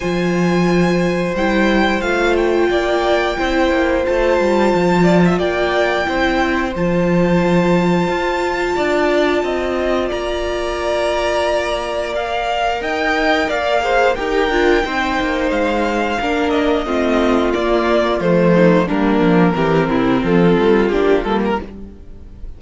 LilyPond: <<
  \new Staff \with { instrumentName = "violin" } { \time 4/4 \tempo 4 = 89 gis''2 g''4 f''8 g''8~ | g''2 a''2 | g''2 a''2~ | a''2. ais''4~ |
ais''2 f''4 g''4 | f''4 g''2 f''4~ | f''8 dis''4. d''4 c''4 | ais'2 a'4 g'8 a'16 ais'16 | }
  \new Staff \with { instrumentName = "violin" } { \time 4/4 c''1 | d''4 c''2~ c''8 d''16 e''16 | d''4 c''2.~ | c''4 d''4 dis''4 d''4~ |
d''2. dis''4 | d''8 c''8 ais'4 c''2 | ais'4 f'2~ f'8 dis'8 | d'4 g'8 e'8 f'2 | }
  \new Staff \with { instrumentName = "viola" } { \time 4/4 f'2 e'4 f'4~ | f'4 e'4 f'2~ | f'4 e'4 f'2~ | f'1~ |
f'2 ais'2~ | ais'8 gis'8 g'8 f'8 dis'2 | d'4 c'4 ais4 a4 | ais4 c'2 d'8 ais8 | }
  \new Staff \with { instrumentName = "cello" } { \time 4/4 f2 g4 a4 | ais4 c'8 ais8 a8 g8 f4 | ais4 c'4 f2 | f'4 d'4 c'4 ais4~ |
ais2. dis'4 | ais4 dis'8 d'8 c'8 ais8 gis4 | ais4 a4 ais4 f4 | g8 f8 e8 c8 f8 g8 ais8 g8 | }
>>